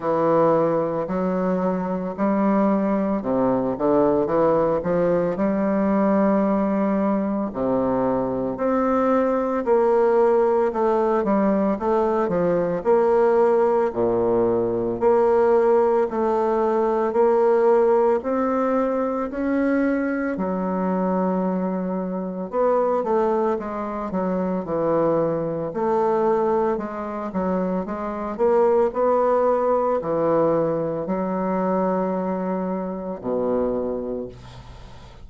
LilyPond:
\new Staff \with { instrumentName = "bassoon" } { \time 4/4 \tempo 4 = 56 e4 fis4 g4 c8 d8 | e8 f8 g2 c4 | c'4 ais4 a8 g8 a8 f8 | ais4 ais,4 ais4 a4 |
ais4 c'4 cis'4 fis4~ | fis4 b8 a8 gis8 fis8 e4 | a4 gis8 fis8 gis8 ais8 b4 | e4 fis2 b,4 | }